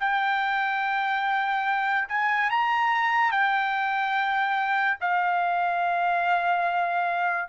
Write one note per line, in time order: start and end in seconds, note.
0.00 2.08 G5
2.09 2.50 G#5
2.50 3.32 A#5
3.32 4.98 G5
5.01 7.49 F5